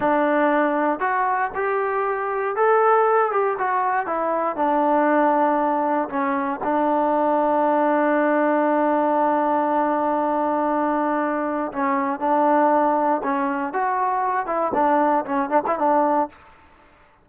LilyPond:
\new Staff \with { instrumentName = "trombone" } { \time 4/4 \tempo 4 = 118 d'2 fis'4 g'4~ | g'4 a'4. g'8 fis'4 | e'4 d'2. | cis'4 d'2.~ |
d'1~ | d'2. cis'4 | d'2 cis'4 fis'4~ | fis'8 e'8 d'4 cis'8 d'16 e'16 d'4 | }